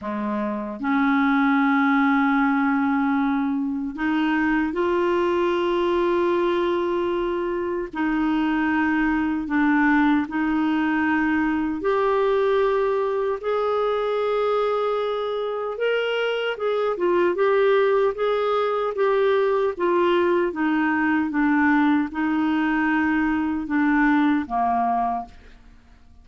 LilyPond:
\new Staff \with { instrumentName = "clarinet" } { \time 4/4 \tempo 4 = 76 gis4 cis'2.~ | cis'4 dis'4 f'2~ | f'2 dis'2 | d'4 dis'2 g'4~ |
g'4 gis'2. | ais'4 gis'8 f'8 g'4 gis'4 | g'4 f'4 dis'4 d'4 | dis'2 d'4 ais4 | }